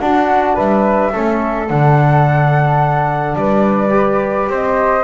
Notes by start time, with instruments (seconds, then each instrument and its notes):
0.00 trombone D4, double bass D4, flute F#4 F#5
0.55 double bass G3, flute B4 E5
1.12 double bass A3, trombone C#4, flute A4
1.68 double bass D3, trombone D4, flute F#5
3.36 double bass G3, flute B4 D5
3.90 trombone G4
4.49 double bass C4, flute C5 D#5